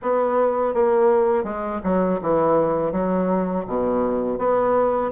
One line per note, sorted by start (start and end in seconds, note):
0.02 0.74 B3
0.74 1.44 A#3
1.44 1.80 G#3
1.83 2.20 F#3
2.21 2.91 E3
2.91 3.65 F#3
3.67 4.38 B2
4.38 5.11 B3